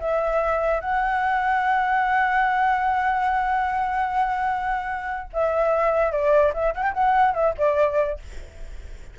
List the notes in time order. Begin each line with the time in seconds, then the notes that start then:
0.00 E5
0.81 F#5
5.33 E5
6.12 D5
6.54 E5
6.75 F#5
6.83 G5
6.94 F#5
7.35 E5
7.58 D5